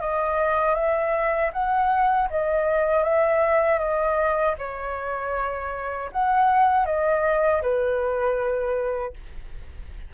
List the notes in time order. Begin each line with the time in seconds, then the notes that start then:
0.00 D#5
0.75 E5
1.52 F#5
2.30 D#5
3.03 E5
3.78 D#5
4.58 C#5
6.12 F#5
6.85 D#5
7.62 B4